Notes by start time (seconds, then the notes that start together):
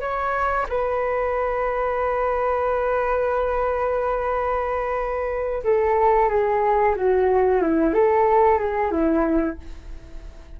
0.00 C#5
0.68 B4
5.64 A4
6.29 G#4
6.96 F#4
7.61 E4
7.93 A4
8.59 G#4
8.91 E4